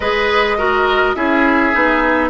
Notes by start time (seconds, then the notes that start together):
0.00 G#3 G#4 B4 D#5
0.58 F#4 A#4
1.15 C#4 E4 G#4 E5
1.73 B3 D#4